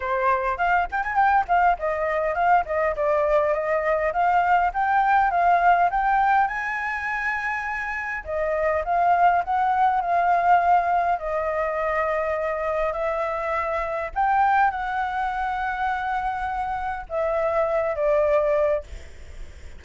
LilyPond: \new Staff \with { instrumentName = "flute" } { \time 4/4 \tempo 4 = 102 c''4 f''8 g''16 gis''16 g''8 f''8 dis''4 | f''8 dis''8 d''4 dis''4 f''4 | g''4 f''4 g''4 gis''4~ | gis''2 dis''4 f''4 |
fis''4 f''2 dis''4~ | dis''2 e''2 | g''4 fis''2.~ | fis''4 e''4. d''4. | }